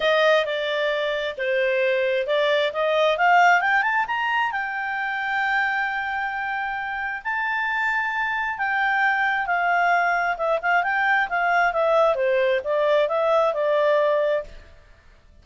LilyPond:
\new Staff \with { instrumentName = "clarinet" } { \time 4/4 \tempo 4 = 133 dis''4 d''2 c''4~ | c''4 d''4 dis''4 f''4 | g''8 a''8 ais''4 g''2~ | g''1 |
a''2. g''4~ | g''4 f''2 e''8 f''8 | g''4 f''4 e''4 c''4 | d''4 e''4 d''2 | }